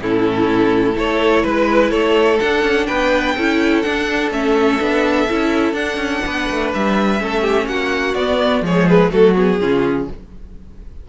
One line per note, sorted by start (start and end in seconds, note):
0.00 0.96 A2
0.00 0.93 C#4
0.00 0.95 E4
0.00 0.98 A4
0.93 1.44 A3
0.93 2.37 E4
0.93 1.43 A4
0.93 1.45 C#5
1.43 1.91 G#3
1.43 1.91 B4
1.91 2.39 A3
1.91 2.87 A4
1.91 2.39 C#5
2.40 3.36 D4
2.40 2.62 D4
2.40 2.86 F#5
2.62 2.86 C#4
2.86 3.37 B3
2.86 3.35 B4
2.86 3.81 G5
3.36 3.85 C#4
3.36 3.84 E4
3.36 6.24 A4
3.81 4.32 D4
3.81 4.31 D4
3.81 4.29 F#5
4.31 4.79 A3
4.31 4.80 C#4
4.31 5.75 E5
4.80 5.29 B3
4.80 5.28 D4
5.29 5.73 C#4
5.29 5.75 E4
5.73 5.96 D4
5.73 7.19 D4
5.73 6.71 F#5
5.96 6.20 C#4
6.26 6.50 B3
6.26 7.22 B4
6.50 6.74 A3
6.74 7.21 G3
6.74 7.68 E5
7.19 7.67 A3
7.19 8.15 C#4
7.19 7.42 A4
7.42 7.66 G4
7.67 8.14 A#3
7.67 8.64 F#4
7.67 8.14 F#5
8.14 8.61 B3
8.14 8.63 B3
8.14 8.62 D5
8.61 9.09 F3
8.61 9.10 G#3
8.61 9.12 G#4
8.61 8.88 C#5
8.88 9.10 B4
9.10 9.60 F#3
9.10 9.34 A3
9.10 9.60 F#4
9.10 9.34 A4
9.35 9.59 B3
9.35 10.09 G#4
9.60 10.08 C#3
9.60 10.09 C#4
9.60 10.08 F4